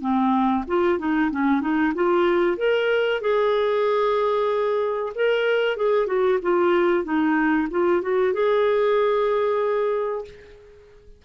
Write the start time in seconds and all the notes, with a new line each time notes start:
0.00 C4
0.67 F4
0.98 D#4
1.31 C#4
1.60 D#4
1.94 F4
2.57 A#4
3.21 G#4
5.15 A#4
5.76 G#4
6.06 F#4
6.42 F4
7.04 D#4
7.70 F4
8.01 F#4
8.33 G#4